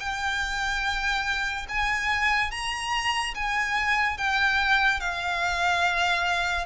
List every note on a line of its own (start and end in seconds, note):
0.00 1.67 G5
1.69 2.51 G#5
2.51 3.34 A#5
3.35 4.17 G#5
4.17 5.00 G5
5.00 6.66 F5